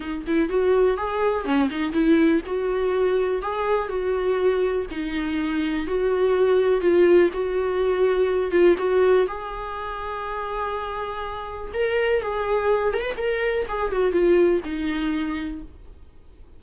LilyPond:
\new Staff \with { instrumentName = "viola" } { \time 4/4 \tempo 4 = 123 dis'8 e'8 fis'4 gis'4 cis'8 dis'8 | e'4 fis'2 gis'4 | fis'2 dis'2 | fis'2 f'4 fis'4~ |
fis'4. f'8 fis'4 gis'4~ | gis'1 | ais'4 gis'4. ais'16 b'16 ais'4 | gis'8 fis'8 f'4 dis'2 | }